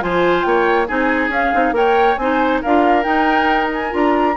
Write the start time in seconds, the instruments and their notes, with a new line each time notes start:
0.00 bassoon F3, clarinet F4, oboe C5, flute G#5
0.43 bassoon A#3, oboe C#5, flute G5
0.87 bassoon C4, clarinet D#4, oboe G#4, flute G#5
1.29 bassoon C#4, clarinet C#4, flute F5
1.53 bassoon C4, clarinet D#4
1.72 bassoon A#3, clarinet A#4, oboe C#5, flute G5
2.17 bassoon C4, clarinet D#4, oboe C5, flute G#5
2.62 bassoon D4, clarinet F4, oboe A#4, flute F5
3.03 clarinet D#4, bassoon D#4, flute G5
3.73 flute G#5
3.90 bassoon D4, clarinet F4
3.96 flute A#5